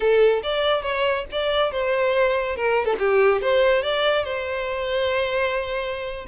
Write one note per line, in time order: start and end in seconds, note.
0.00 0.42 A4
0.43 0.82 D5
0.82 1.25 C#5
1.31 1.71 D5
1.71 2.56 C5
2.56 2.85 A#4
2.85 2.95 A4
2.98 3.41 G4
3.41 3.82 C5
3.82 4.24 D5
4.24 6.26 C5